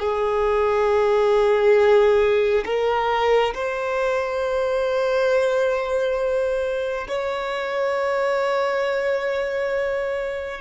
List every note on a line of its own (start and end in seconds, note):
0.00 2.65 G#4
2.66 3.54 A#4
3.55 7.08 C5
7.08 10.61 C#5